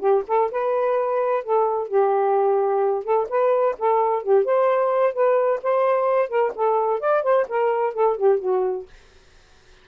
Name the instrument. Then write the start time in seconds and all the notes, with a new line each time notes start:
saxophone
0.00 G4
0.28 A4
0.52 B4
1.44 A4
1.88 G4
3.04 A4
3.29 B4
3.79 A4
4.23 G4
4.45 C5
5.14 B4
5.63 C5
6.29 A#4
6.56 A4
7.00 D5
7.23 C5
7.49 A#4
7.94 A4
8.17 G4
8.40 F#4